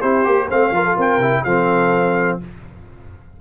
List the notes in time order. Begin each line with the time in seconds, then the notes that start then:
0.00 C4 E4 G4 C5
0.24 A#3 G4
0.48 A3 C4 C5 F5
0.71 F3 F4 A#4
0.85 A4
0.95 C4 A#4 G5
1.18 C3 E4
1.43 F3 C4 A4 F5